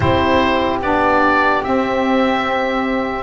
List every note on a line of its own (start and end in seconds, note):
0.00 0.81 C4
0.00 0.81 E4
0.00 3.23 G4
0.00 0.79 C5
0.81 1.62 B3
0.81 1.63 D4
0.81 1.63 D5
1.63 3.23 C4
1.63 3.23 E5